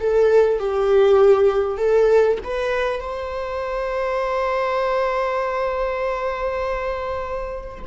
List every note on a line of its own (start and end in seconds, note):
0.00 0.59 A4
0.59 1.78 G4
1.78 2.38 A4
2.44 3.00 B4
3.00 7.85 C5